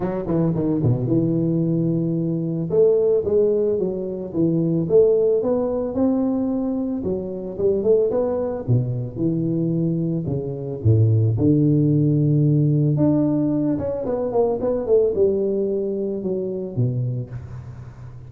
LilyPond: \new Staff \with { instrumentName = "tuba" } { \time 4/4 \tempo 4 = 111 fis8 e8 dis8 b,8 e2~ | e4 a4 gis4 fis4 | e4 a4 b4 c'4~ | c'4 fis4 g8 a8 b4 |
b,4 e2 cis4 | a,4 d2. | d'4. cis'8 b8 ais8 b8 a8 | g2 fis4 b,4 | }